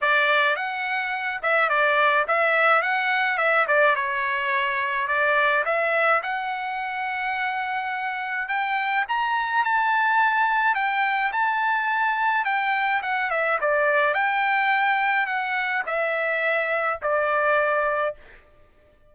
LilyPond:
\new Staff \with { instrumentName = "trumpet" } { \time 4/4 \tempo 4 = 106 d''4 fis''4. e''8 d''4 | e''4 fis''4 e''8 d''8 cis''4~ | cis''4 d''4 e''4 fis''4~ | fis''2. g''4 |
ais''4 a''2 g''4 | a''2 g''4 fis''8 e''8 | d''4 g''2 fis''4 | e''2 d''2 | }